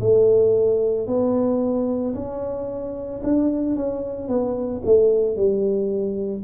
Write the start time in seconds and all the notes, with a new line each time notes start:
0.00 A3
1.08 B3
2.15 C#4
3.24 D4
3.76 C#4
4.29 B3
4.86 A3
5.36 G3